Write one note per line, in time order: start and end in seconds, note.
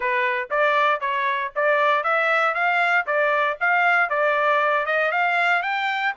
0.00 0.48 B4
0.50 1.00 D5
1.00 1.51 C#5
1.55 2.03 D5
2.03 2.54 E5
2.54 3.05 F5
3.06 3.57 D5
3.60 4.09 F5
4.09 4.86 D5
4.86 5.11 D#5
5.11 5.62 F5
5.62 6.13 G5